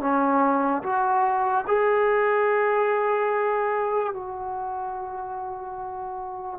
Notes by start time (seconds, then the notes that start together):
0.00 C#4
0.83 F#4
1.67 G#4
4.14 F#4